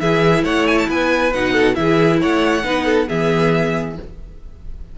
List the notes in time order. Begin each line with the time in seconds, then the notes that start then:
0.00 E3 E4 G#4 E5
0.44 A3 C#5 F#5
0.67 G#5
0.78 A5
0.88 B3 B4 G#5
1.33 B2 D#4 F#5
1.52 A4
1.74 E3 E4 G#4 E5
2.21 A3 C#5 F#5
2.63 B3 D#4 B4
2.85 A4
3.08 E3 B3 G#4 E5